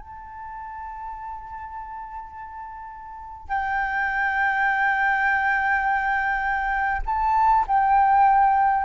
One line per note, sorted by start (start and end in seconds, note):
0.00 3.49 A5
3.49 7.02 G5
7.06 7.65 A5
7.67 8.85 G5